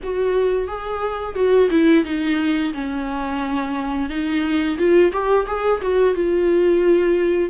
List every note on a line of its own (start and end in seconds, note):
0.03 0.67 F#4
0.67 1.35 G#4
1.35 1.69 F#4
1.70 2.04 E4
2.05 2.73 D#4
2.73 4.09 C#4
4.09 4.77 D#4
4.78 5.12 F4
5.12 5.46 G4
5.47 5.81 G#4
5.81 6.14 F#4
6.14 7.50 F4